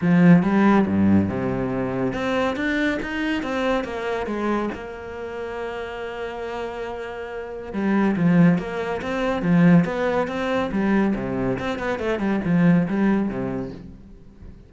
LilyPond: \new Staff \with { instrumentName = "cello" } { \time 4/4 \tempo 4 = 140 f4 g4 g,4 c4~ | c4 c'4 d'4 dis'4 | c'4 ais4 gis4 ais4~ | ais1~ |
ais2 g4 f4 | ais4 c'4 f4 b4 | c'4 g4 c4 c'8 b8 | a8 g8 f4 g4 c4 | }